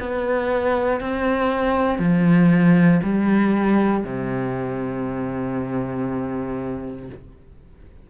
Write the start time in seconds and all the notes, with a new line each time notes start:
0.00 B3
1.01 C4
1.99 F3
3.04 G3
4.04 C3